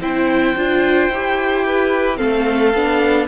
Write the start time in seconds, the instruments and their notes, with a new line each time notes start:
0.00 cello C4, viola E4, violin C5 G5
0.56 cello D4, viola F4
1.09 cello E4, viola G4
1.66 violin B4
2.17 cello A3, viola C4, violin A4 F5
2.74 cello B3, viola D4